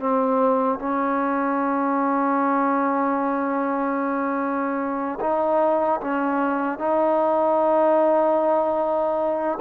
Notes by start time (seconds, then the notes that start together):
0.00 C4
0.79 C#4
5.20 D#4
6.01 C#4
6.79 D#4